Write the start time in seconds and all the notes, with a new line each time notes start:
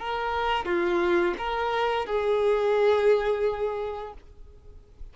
0.00 A#4
0.66 F4
1.38 A#4
2.06 G#4